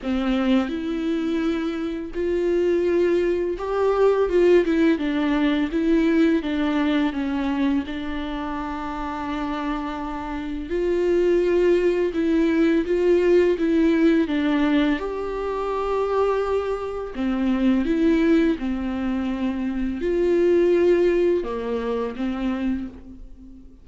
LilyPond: \new Staff \with { instrumentName = "viola" } { \time 4/4 \tempo 4 = 84 c'4 e'2 f'4~ | f'4 g'4 f'8 e'8 d'4 | e'4 d'4 cis'4 d'4~ | d'2. f'4~ |
f'4 e'4 f'4 e'4 | d'4 g'2. | c'4 e'4 c'2 | f'2 ais4 c'4 | }